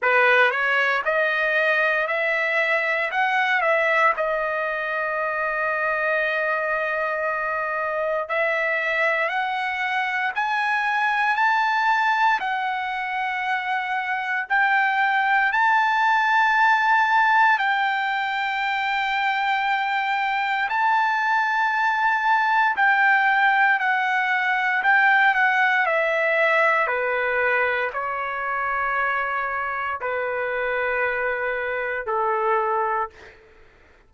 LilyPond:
\new Staff \with { instrumentName = "trumpet" } { \time 4/4 \tempo 4 = 58 b'8 cis''8 dis''4 e''4 fis''8 e''8 | dis''1 | e''4 fis''4 gis''4 a''4 | fis''2 g''4 a''4~ |
a''4 g''2. | a''2 g''4 fis''4 | g''8 fis''8 e''4 b'4 cis''4~ | cis''4 b'2 a'4 | }